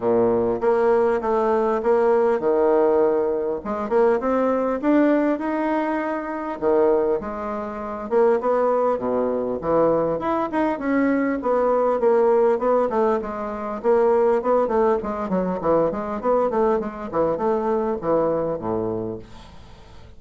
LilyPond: \new Staff \with { instrumentName = "bassoon" } { \time 4/4 \tempo 4 = 100 ais,4 ais4 a4 ais4 | dis2 gis8 ais8 c'4 | d'4 dis'2 dis4 | gis4. ais8 b4 b,4 |
e4 e'8 dis'8 cis'4 b4 | ais4 b8 a8 gis4 ais4 | b8 a8 gis8 fis8 e8 gis8 b8 a8 | gis8 e8 a4 e4 a,4 | }